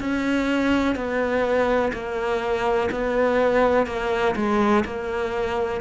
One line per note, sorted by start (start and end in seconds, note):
0.00 0.95 C#4
0.95 1.92 B3
1.93 2.90 A#3
2.92 3.87 B3
3.87 4.35 A#3
4.36 4.84 G#3
4.86 5.82 A#3